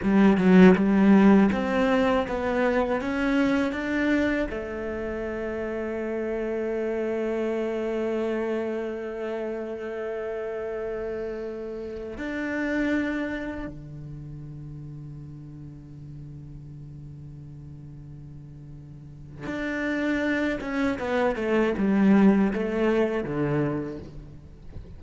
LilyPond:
\new Staff \with { instrumentName = "cello" } { \time 4/4 \tempo 4 = 80 g8 fis8 g4 c'4 b4 | cis'4 d'4 a2~ | a1~ | a1~ |
a16 d'2 d4.~ d16~ | d1~ | d2 d'4. cis'8 | b8 a8 g4 a4 d4 | }